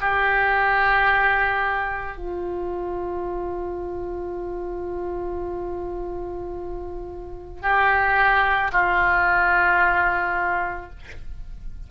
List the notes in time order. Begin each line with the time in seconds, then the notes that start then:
0.00 G4
2.17 F4
7.62 G4
8.71 F4